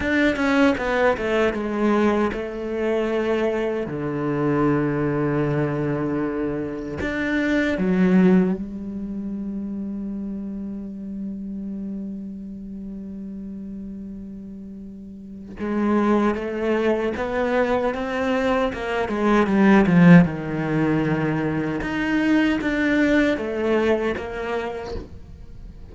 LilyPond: \new Staff \with { instrumentName = "cello" } { \time 4/4 \tempo 4 = 77 d'8 cis'8 b8 a8 gis4 a4~ | a4 d2.~ | d4 d'4 fis4 g4~ | g1~ |
g1 | gis4 a4 b4 c'4 | ais8 gis8 g8 f8 dis2 | dis'4 d'4 a4 ais4 | }